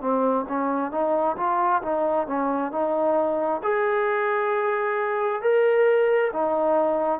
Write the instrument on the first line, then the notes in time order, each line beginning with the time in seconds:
trombone
0.00 C4
0.48 C#4
0.91 D#4
1.37 F4
1.82 D#4
2.27 C#4
2.72 D#4
3.63 G#4
5.42 A#4
6.33 D#4